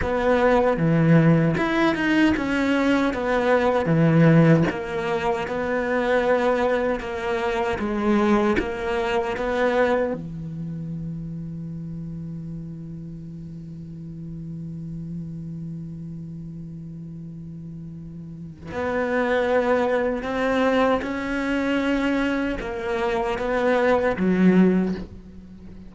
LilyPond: \new Staff \with { instrumentName = "cello" } { \time 4/4 \tempo 4 = 77 b4 e4 e'8 dis'8 cis'4 | b4 e4 ais4 b4~ | b4 ais4 gis4 ais4 | b4 e2.~ |
e1~ | e1 | b2 c'4 cis'4~ | cis'4 ais4 b4 fis4 | }